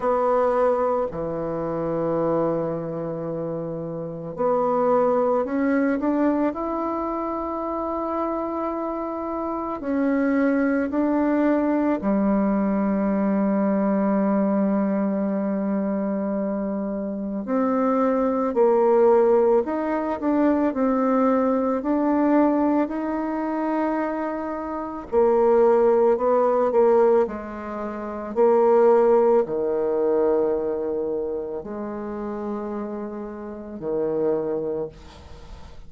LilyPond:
\new Staff \with { instrumentName = "bassoon" } { \time 4/4 \tempo 4 = 55 b4 e2. | b4 cis'8 d'8 e'2~ | e'4 cis'4 d'4 g4~ | g1 |
c'4 ais4 dis'8 d'8 c'4 | d'4 dis'2 ais4 | b8 ais8 gis4 ais4 dis4~ | dis4 gis2 dis4 | }